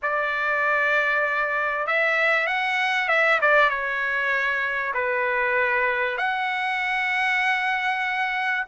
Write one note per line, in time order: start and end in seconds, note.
0.02 1.86 D5
1.86 2.47 E5
2.47 3.08 F#5
3.08 3.39 E5
3.41 3.69 D5
3.69 4.93 C#5
4.93 6.17 B4
6.17 8.64 F#5